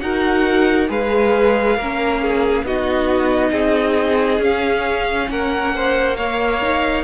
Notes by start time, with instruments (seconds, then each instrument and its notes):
0.00 cello D#4, viola F#4, violin A#4 F#5
0.88 cello G#3, viola G#4, violin B4 F5
1.77 cello A#3, viola C#4, violin A#4
2.21 violin G#4
2.63 cello B3, viola D#4, violin F#4 D#5
3.51 cello C4, violin G#4
4.39 cello C#4, viola C#4, violin F5
5.29 cello A#3, violin A#4 F#5
5.75 violin C5
6.16 viola A#3, violin C#5 F5
6.62 viola D#4